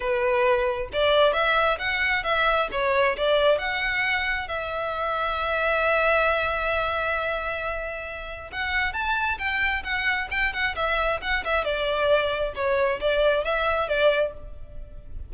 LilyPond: \new Staff \with { instrumentName = "violin" } { \time 4/4 \tempo 4 = 134 b'2 d''4 e''4 | fis''4 e''4 cis''4 d''4 | fis''2 e''2~ | e''1~ |
e''2. fis''4 | a''4 g''4 fis''4 g''8 fis''8 | e''4 fis''8 e''8 d''2 | cis''4 d''4 e''4 d''4 | }